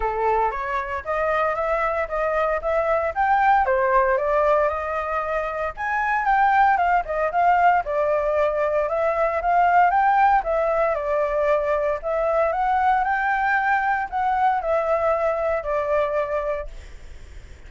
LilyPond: \new Staff \with { instrumentName = "flute" } { \time 4/4 \tempo 4 = 115 a'4 cis''4 dis''4 e''4 | dis''4 e''4 g''4 c''4 | d''4 dis''2 gis''4 | g''4 f''8 dis''8 f''4 d''4~ |
d''4 e''4 f''4 g''4 | e''4 d''2 e''4 | fis''4 g''2 fis''4 | e''2 d''2 | }